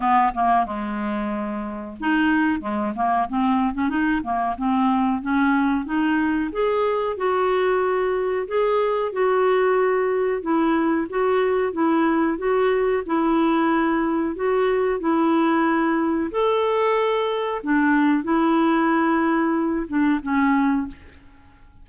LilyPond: \new Staff \with { instrumentName = "clarinet" } { \time 4/4 \tempo 4 = 92 b8 ais8 gis2 dis'4 | gis8 ais8 c'8. cis'16 dis'8 ais8 c'4 | cis'4 dis'4 gis'4 fis'4~ | fis'4 gis'4 fis'2 |
e'4 fis'4 e'4 fis'4 | e'2 fis'4 e'4~ | e'4 a'2 d'4 | e'2~ e'8 d'8 cis'4 | }